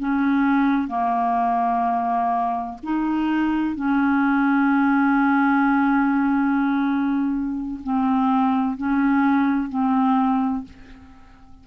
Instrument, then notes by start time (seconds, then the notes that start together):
clarinet
0.00 C#4
0.88 A#3
2.84 D#4
3.76 C#4
7.84 C4
8.77 C#4
9.69 C4